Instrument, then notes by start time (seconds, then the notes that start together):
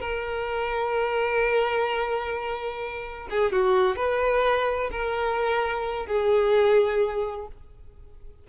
violin
0.00 A#4
3.30 G#4
3.52 F#4
3.96 B4
4.91 A#4
6.06 G#4